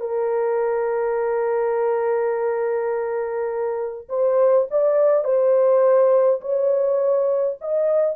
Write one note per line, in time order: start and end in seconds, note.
0.00 4.08 A#4
4.09 4.67 C5
4.71 5.24 D5
5.24 6.40 C5
6.41 7.57 C#5
7.61 8.16 D#5